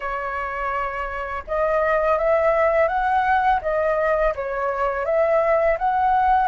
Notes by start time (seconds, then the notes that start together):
0.00 C#5
1.47 D#5
2.18 E5
2.88 F#5
3.61 D#5
4.35 C#5
5.05 E5
5.78 F#5